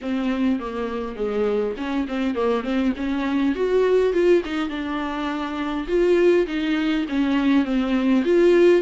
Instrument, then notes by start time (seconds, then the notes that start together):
viola
0.01 C4
0.59 A#3
1.16 G#3
1.77 C#4
2.07 C4
2.34 A#3
2.63 C4
2.96 C#4
3.55 F#4
4.13 F4
4.44 D#4
4.69 D4
5.87 F4
6.46 D#4
7.09 C#4
7.64 C4
8.24 F4